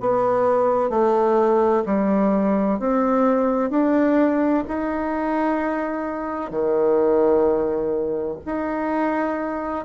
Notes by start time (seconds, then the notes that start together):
0.00 B3
0.89 A3
1.85 G3
2.79 C4
3.70 D4
4.67 D#4
6.50 D#3
8.45 D#4